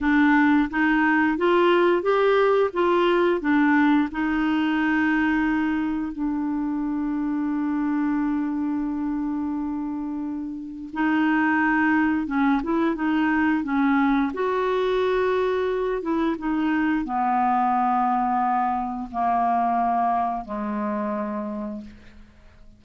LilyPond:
\new Staff \with { instrumentName = "clarinet" } { \time 4/4 \tempo 4 = 88 d'4 dis'4 f'4 g'4 | f'4 d'4 dis'2~ | dis'4 d'2.~ | d'1 |
dis'2 cis'8 e'8 dis'4 | cis'4 fis'2~ fis'8 e'8 | dis'4 b2. | ais2 gis2 | }